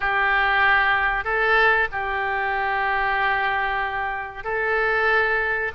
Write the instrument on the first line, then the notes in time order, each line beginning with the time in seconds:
oboe
0.00 G4
1.24 A4
1.91 G4
4.44 A4